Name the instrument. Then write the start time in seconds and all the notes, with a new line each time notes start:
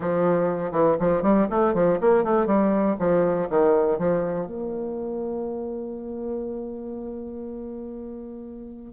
bassoon
0.00 F3
0.71 E3
0.99 F3
1.22 G3
1.49 A3
1.74 F3
2.01 A#3
2.23 A3
2.46 G3
2.99 F3
3.49 D#3
3.98 F3
4.46 A#3